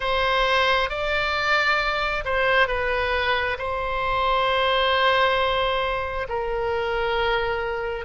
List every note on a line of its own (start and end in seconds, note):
0.00 0.89 C5
0.90 2.24 D5
2.24 2.67 C5
2.67 3.57 B4
3.58 6.27 C5
6.28 8.05 A#4